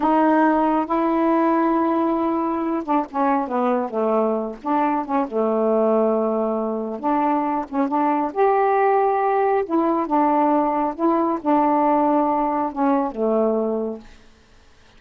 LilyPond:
\new Staff \with { instrumentName = "saxophone" } { \time 4/4 \tempo 4 = 137 dis'2 e'2~ | e'2~ e'8 d'8 cis'4 | b4 a4. d'4 cis'8 | a1 |
d'4. cis'8 d'4 g'4~ | g'2 e'4 d'4~ | d'4 e'4 d'2~ | d'4 cis'4 a2 | }